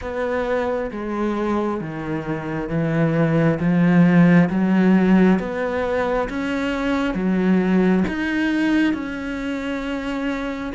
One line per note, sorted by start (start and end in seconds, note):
0.01 0.90 B3
0.91 1.80 G#3
1.80 2.69 D#3
2.69 3.58 E3
3.59 4.49 F3
4.49 5.39 F#3
5.39 6.28 B3
6.29 7.14 C#4
7.14 8.04 F#3
8.08 8.93 D#4
8.93 10.72 C#4